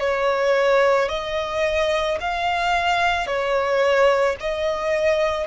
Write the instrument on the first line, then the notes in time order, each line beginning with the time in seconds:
violin
0.00 C#5
1.09 D#5
2.21 F5
3.27 C#5
4.40 D#5